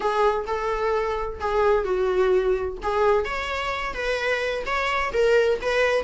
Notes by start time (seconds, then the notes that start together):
0.00 G#4
0.46 A4
1.40 G#4
1.84 F#4
2.82 G#4
3.24 C#5
3.93 B4
4.65 C#5
5.13 A#4
5.61 B4